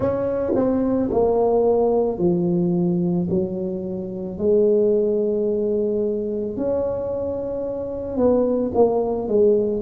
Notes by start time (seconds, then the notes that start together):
0.00 C#4
0.55 C4
1.11 A#3
2.18 F3
3.30 F#3
4.38 G#3
6.57 C#4
8.17 B3
8.74 A#3
9.27 G#3